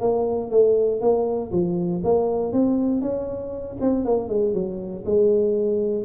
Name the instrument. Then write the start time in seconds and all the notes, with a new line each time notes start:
tuba
0.00 A#3
0.50 A3
1.01 A#3
1.51 F3
2.04 A#3
2.52 C4
3.01 C#4
3.80 C4
4.05 A#3
4.28 G#3
4.54 F#3
5.05 G#3